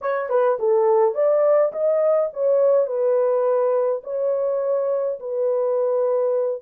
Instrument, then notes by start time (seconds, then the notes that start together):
horn
0.01 C#5
0.29 B4
0.59 A4
1.14 D5
1.72 D#5
2.33 C#5
2.86 B4
4.03 C#5
5.19 B4